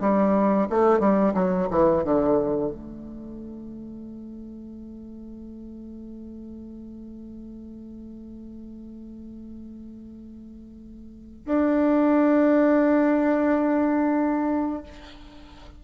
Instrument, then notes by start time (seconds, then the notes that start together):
bassoon
0.00 G3
0.70 A3
1.00 G3
1.34 F#3
1.70 E3
2.04 D3
2.71 A3
11.45 D4